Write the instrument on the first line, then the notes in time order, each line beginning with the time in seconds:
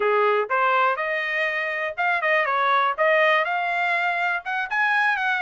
trumpet
0.00 G#4
0.49 C5
0.96 D#5
1.97 F5
2.21 D#5
2.45 C#5
2.97 D#5
3.44 F5
4.44 F#5
4.70 G#5
5.17 F#5